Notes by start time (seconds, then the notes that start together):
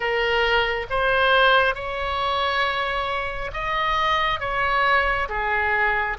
0.00 A#4
0.90 C5
1.74 C#5
3.53 D#5
4.40 C#5
5.29 G#4